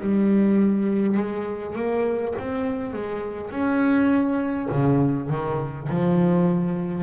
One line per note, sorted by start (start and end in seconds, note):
0.00 1.17 G3
1.17 1.75 G#3
1.75 2.34 A#3
2.39 2.93 C4
2.93 3.50 G#3
3.50 4.68 C#4
4.71 5.29 C#3
5.29 5.88 D#3
5.89 7.03 F3